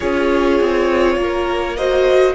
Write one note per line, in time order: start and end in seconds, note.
0.00 0.60 C#4
0.00 1.77 F4
0.00 1.16 G#4
0.00 1.76 C#5
0.60 1.16 C4
1.16 2.34 A#3
1.16 1.77 A#4
1.76 2.34 F#4
1.76 2.34 C5
1.76 2.34 D#5